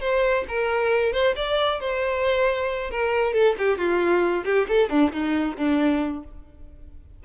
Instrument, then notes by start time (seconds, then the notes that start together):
violin
0.00 C5
0.48 A#4
1.12 C5
1.36 D5
1.80 C5
2.90 A#4
3.33 A4
3.58 G4
3.78 F4
4.44 G4
4.68 A4
4.89 D4
5.12 D#4
5.57 D4